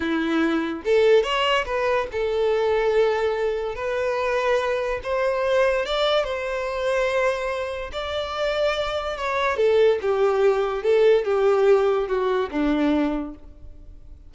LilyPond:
\new Staff \with { instrumentName = "violin" } { \time 4/4 \tempo 4 = 144 e'2 a'4 cis''4 | b'4 a'2.~ | a'4 b'2. | c''2 d''4 c''4~ |
c''2. d''4~ | d''2 cis''4 a'4 | g'2 a'4 g'4~ | g'4 fis'4 d'2 | }